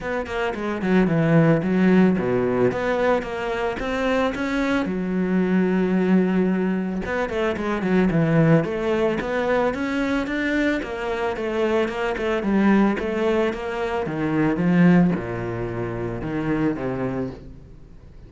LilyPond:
\new Staff \with { instrumentName = "cello" } { \time 4/4 \tempo 4 = 111 b8 ais8 gis8 fis8 e4 fis4 | b,4 b4 ais4 c'4 | cis'4 fis2.~ | fis4 b8 a8 gis8 fis8 e4 |
a4 b4 cis'4 d'4 | ais4 a4 ais8 a8 g4 | a4 ais4 dis4 f4 | ais,2 dis4 c4 | }